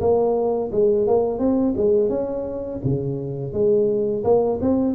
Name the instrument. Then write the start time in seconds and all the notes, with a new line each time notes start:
tuba
0.00 A#3
0.72 G#3
1.07 A#3
1.39 C4
1.76 G#3
2.09 C#4
2.84 C#3
3.53 G#3
4.24 A#3
4.61 C4